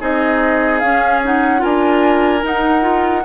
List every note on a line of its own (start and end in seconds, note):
0.00 0.82 C4
0.00 0.82 D#4
0.00 1.61 G#4
0.00 0.79 D#5
0.79 1.63 C#4
0.79 1.24 C#4
0.79 1.20 F5
1.24 1.59 D#4
1.24 1.63 F#5
1.59 2.43 D4
1.59 2.40 F4
1.59 3.24 A#4
1.59 2.44 G#5
2.42 2.81 D#4
2.42 3.24 D#4
2.42 3.25 F#5
2.81 3.22 F4